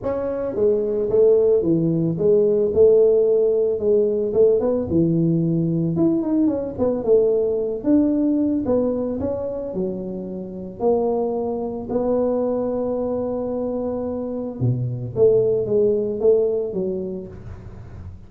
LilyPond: \new Staff \with { instrumentName = "tuba" } { \time 4/4 \tempo 4 = 111 cis'4 gis4 a4 e4 | gis4 a2 gis4 | a8 b8 e2 e'8 dis'8 | cis'8 b8 a4. d'4. |
b4 cis'4 fis2 | ais2 b2~ | b2. b,4 | a4 gis4 a4 fis4 | }